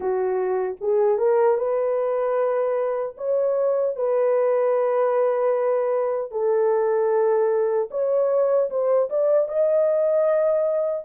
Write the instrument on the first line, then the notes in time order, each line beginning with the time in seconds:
horn
0.00 F#4
0.80 G#4
1.18 A#4
1.57 B4
3.17 C#5
3.95 B4
6.31 A4
7.90 C#5
8.69 C5
9.09 D5
9.48 D#5